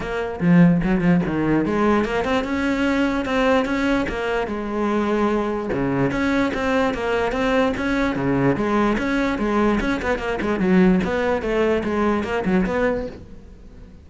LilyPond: \new Staff \with { instrumentName = "cello" } { \time 4/4 \tempo 4 = 147 ais4 f4 fis8 f8 dis4 | gis4 ais8 c'8 cis'2 | c'4 cis'4 ais4 gis4~ | gis2 cis4 cis'4 |
c'4 ais4 c'4 cis'4 | cis4 gis4 cis'4 gis4 | cis'8 b8 ais8 gis8 fis4 b4 | a4 gis4 ais8 fis8 b4 | }